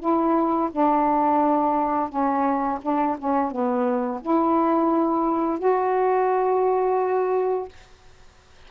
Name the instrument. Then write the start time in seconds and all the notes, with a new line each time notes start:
saxophone
0.00 E4
0.71 D4
2.09 C#4
2.82 D4
3.18 C#4
3.51 B3
4.21 E4
5.59 F#4